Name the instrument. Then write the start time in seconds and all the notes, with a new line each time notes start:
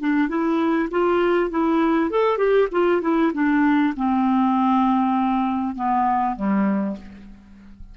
clarinet
0.00 D4
0.28 E4
0.90 F4
1.50 E4
2.10 A4
2.37 G4
2.71 F4
3.01 E4
3.33 D4
3.96 C4
5.75 B3
6.36 G3